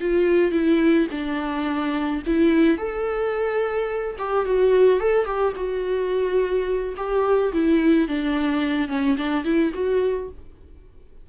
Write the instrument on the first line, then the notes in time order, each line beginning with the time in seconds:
viola
0.00 F4
0.51 E4
1.11 D4
2.26 E4
2.77 A4
4.18 G4
4.45 F#4
4.99 A4
5.25 G4
5.56 F#4
6.96 G4
7.53 E4
8.07 D4
8.88 C#4
9.17 D4
9.44 E4
9.73 F#4